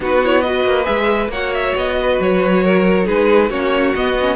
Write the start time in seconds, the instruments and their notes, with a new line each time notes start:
0.00 cello B3, viola D#4, violin F#4 B4
0.23 viola E4, violin C#5
0.41 viola F#4, violin B4 D#5
0.64 cello A#3
0.83 cello G#3, viola G#4, violin E5
1.28 cello A#3, viola F#4, violin C#5 F#5
1.53 violin E5
1.75 cello B3, violin D#5
2.00 violin B4
2.20 cello F#3, violin C#5
2.63 violin A#4
3.04 cello G#3, viola D#4, violin G#4 B4
3.50 cello A#3, viola C#4, violin F#4 C#5
3.95 cello B3, viola B3, violin D#5
4.20 viola C#4